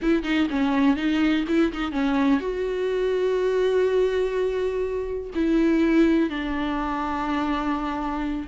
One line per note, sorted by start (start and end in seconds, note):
0.02 0.23 E4
0.23 0.47 D#4
0.50 0.96 C#4
0.96 1.44 D#4
1.48 1.72 E4
1.72 1.91 D#4
1.91 2.40 C#4
2.40 5.30 F#4
5.34 6.29 E4
6.29 8.47 D4